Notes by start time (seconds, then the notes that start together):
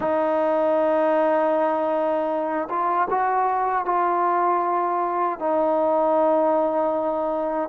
0.00 D#4
2.69 F4
3.09 F#4
3.85 F4
5.39 D#4